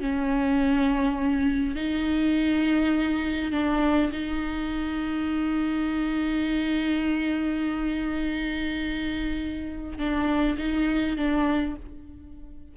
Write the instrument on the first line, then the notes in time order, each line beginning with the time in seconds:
viola
0.00 C#4
1.75 D#4
3.52 D4
4.12 D#4
9.98 D4
10.58 D#4
11.16 D4